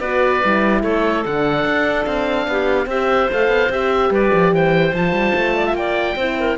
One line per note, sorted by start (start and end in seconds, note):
0.00 0.41 B3
0.00 0.43 F#4
0.00 0.82 B4
0.00 0.82 D5
0.43 0.83 G3
0.43 1.25 E4
0.83 1.24 A3
0.83 2.47 A4
0.83 1.25 C#5
1.25 1.65 D3
1.25 2.89 D4
1.25 2.05 F#5
1.65 2.06 D4
2.05 2.47 C4
2.05 2.87 F5
2.47 2.86 B3
2.47 2.87 G4
2.86 3.27 C4
2.86 3.30 G4
2.86 4.10 C5
2.86 3.31 E5
3.31 3.48 A3
3.31 3.71 A4
3.31 3.72 F5
3.48 3.68 B3
3.69 4.10 C4
3.69 4.94 G4
3.69 4.13 E5
4.10 4.31 G3
4.10 4.52 B4
4.10 4.55 D5
4.33 4.52 F3
4.52 4.93 E3
4.52 5.57 C5
4.52 4.95 G5
4.94 5.12 F3
4.94 6.17 F4
4.94 5.76 A5
5.12 5.33 G3
5.35 5.73 A3
5.57 5.66 D5
5.66 5.76 E5
5.73 6.14 A#3
5.73 6.17 D5
5.73 6.58 G5
6.16 6.57 C4
6.16 6.58 E4
6.16 6.38 C5
6.40 6.58 A#4